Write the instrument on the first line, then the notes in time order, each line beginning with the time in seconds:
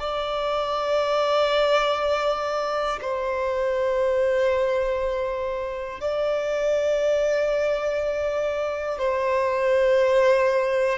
violin
0.00 D5
3.01 C5
6.00 D5
8.99 C5